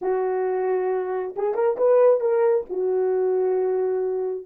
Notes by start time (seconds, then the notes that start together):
0.01 F#4
1.36 G#4
1.54 A#4
1.77 B4
2.20 A#4
2.69 F#4